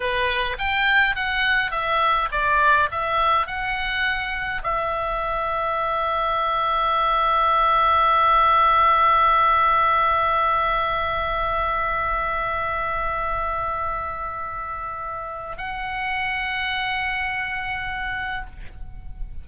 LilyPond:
\new Staff \with { instrumentName = "oboe" } { \time 4/4 \tempo 4 = 104 b'4 g''4 fis''4 e''4 | d''4 e''4 fis''2 | e''1~ | e''1~ |
e''1~ | e''1~ | e''2. fis''4~ | fis''1 | }